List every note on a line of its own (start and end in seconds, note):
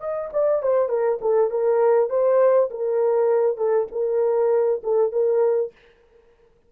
0.00 0.30 D#5
0.32 0.62 D5
0.62 0.89 C5
0.89 1.19 A#4
1.21 1.50 A4
1.50 2.10 A#4
2.10 2.70 C5
2.70 3.57 A#4
3.57 3.87 A4
3.92 4.82 A#4
4.83 5.12 A4
5.12 5.72 A#4